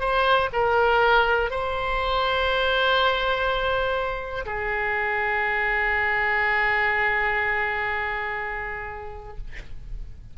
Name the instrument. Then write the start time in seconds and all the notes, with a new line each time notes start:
oboe
0.00 C5
0.53 A#4
1.50 C5
4.46 G#4